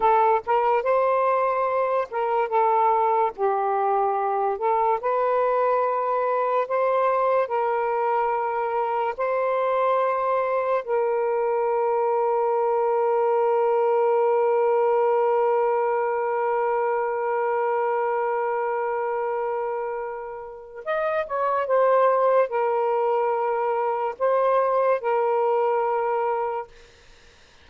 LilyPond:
\new Staff \with { instrumentName = "saxophone" } { \time 4/4 \tempo 4 = 72 a'8 ais'8 c''4. ais'8 a'4 | g'4. a'8 b'2 | c''4 ais'2 c''4~ | c''4 ais'2.~ |
ais'1~ | ais'1~ | ais'4 dis''8 cis''8 c''4 ais'4~ | ais'4 c''4 ais'2 | }